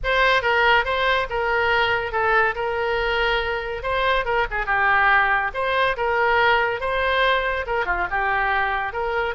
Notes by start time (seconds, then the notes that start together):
0.03 C5
0.42 A#4
0.84 C5
1.29 A#4
2.12 A4
2.55 A#4
3.82 C5
4.25 A#4
4.50 G#4
4.66 G4
5.53 C5
5.96 A#4
6.80 C5
7.66 A#4
7.85 F4
8.10 G4
8.92 A#4